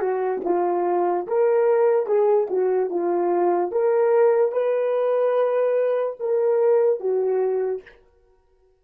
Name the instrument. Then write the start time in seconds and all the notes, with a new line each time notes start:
horn
0.00 F#4
0.45 F4
1.28 A#4
2.07 G#4
2.50 F#4
2.90 F4
3.72 A#4
4.52 B4
6.20 A#4
7.00 F#4